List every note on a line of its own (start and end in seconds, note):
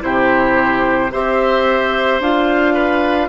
0.00 1.13 C3
0.00 1.09 E4
0.00 1.12 G4
0.00 1.12 C5
1.12 2.20 C4
1.12 2.21 G4
1.12 2.74 C5
1.12 2.22 E5
2.20 3.29 D4
2.20 3.29 F4
2.20 3.29 F5
2.74 3.28 B4